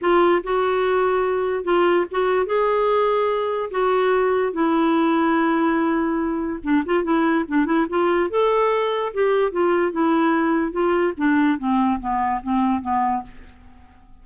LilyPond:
\new Staff \with { instrumentName = "clarinet" } { \time 4/4 \tempo 4 = 145 f'4 fis'2. | f'4 fis'4 gis'2~ | gis'4 fis'2 e'4~ | e'1 |
d'8 f'8 e'4 d'8 e'8 f'4 | a'2 g'4 f'4 | e'2 f'4 d'4 | c'4 b4 c'4 b4 | }